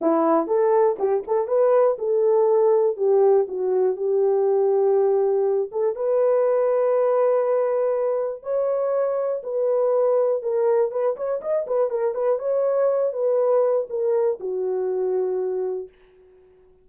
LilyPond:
\new Staff \with { instrumentName = "horn" } { \time 4/4 \tempo 4 = 121 e'4 a'4 g'8 a'8 b'4 | a'2 g'4 fis'4 | g'2.~ g'8 a'8 | b'1~ |
b'4 cis''2 b'4~ | b'4 ais'4 b'8 cis''8 dis''8 b'8 | ais'8 b'8 cis''4. b'4. | ais'4 fis'2. | }